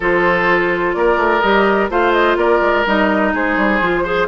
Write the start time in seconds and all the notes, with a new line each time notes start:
0.00 F3 F4 A4 C5
0.93 A#3 A#4 D5
1.17 A3
1.40 G3 G4 D#5
1.89 A3 F4 C5 F5
2.12 D#5
2.36 A#3 A#4 D5
2.61 G#3
2.86 G3 D#4 D#5
3.33 G#3 G#4 C5
3.57 G3
3.80 F3 F4
4.03 G#4 C5